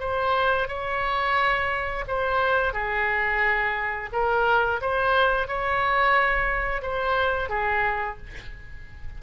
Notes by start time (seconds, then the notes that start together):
0.00 C5
0.68 C#5
2.08 C5
2.73 G#4
4.12 A#4
4.81 C5
5.48 C#5
6.82 C5
7.49 G#4